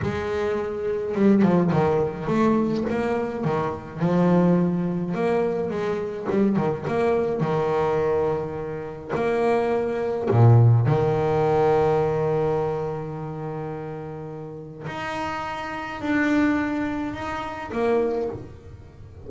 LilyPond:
\new Staff \with { instrumentName = "double bass" } { \time 4/4 \tempo 4 = 105 gis2 g8 f8 dis4 | a4 ais4 dis4 f4~ | f4 ais4 gis4 g8 dis8 | ais4 dis2. |
ais2 ais,4 dis4~ | dis1~ | dis2 dis'2 | d'2 dis'4 ais4 | }